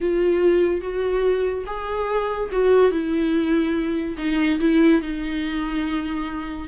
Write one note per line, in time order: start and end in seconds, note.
0.00 0.81 F4
0.81 1.64 F#4
1.66 2.49 G#4
2.52 2.91 F#4
2.91 4.16 E4
4.17 4.59 D#4
4.59 5.01 E4
5.01 6.68 D#4